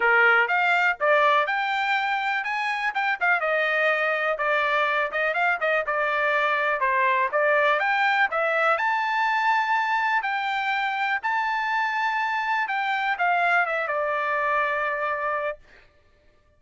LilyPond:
\new Staff \with { instrumentName = "trumpet" } { \time 4/4 \tempo 4 = 123 ais'4 f''4 d''4 g''4~ | g''4 gis''4 g''8 f''8 dis''4~ | dis''4 d''4. dis''8 f''8 dis''8 | d''2 c''4 d''4 |
g''4 e''4 a''2~ | a''4 g''2 a''4~ | a''2 g''4 f''4 | e''8 d''2.~ d''8 | }